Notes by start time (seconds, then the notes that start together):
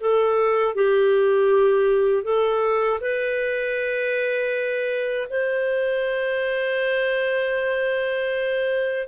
0.00 A4
0.75 G4
2.24 A4
3.00 B4
5.30 C5